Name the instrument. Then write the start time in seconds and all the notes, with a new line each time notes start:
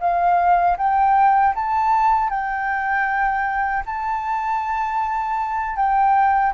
flute
0.00 F5
0.77 G5
1.55 A5
2.30 G5
3.86 A5
5.76 G5